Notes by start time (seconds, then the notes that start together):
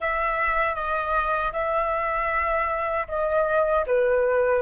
0.00 E5
0.75 D#5
1.52 E5
3.08 D#5
3.87 B4